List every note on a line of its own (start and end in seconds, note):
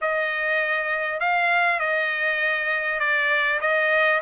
0.01 1.20 D#5
1.20 1.79 F5
1.79 2.99 D#5
2.99 3.59 D5
3.61 4.21 D#5